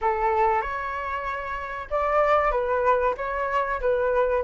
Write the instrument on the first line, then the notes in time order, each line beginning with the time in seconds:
flute
0.01 A4
0.61 C#5
1.90 D5
2.51 B4
3.17 C#5
3.81 B4